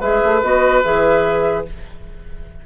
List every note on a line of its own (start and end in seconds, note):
0.00 0.21 G#3
0.00 0.43 G#4
0.00 1.63 B4
0.00 0.42 E5
0.24 0.43 A3
0.42 0.84 B3
0.42 0.83 F#4
0.42 0.83 D#5
0.84 1.66 E3
0.84 1.65 G#4
0.84 1.65 E5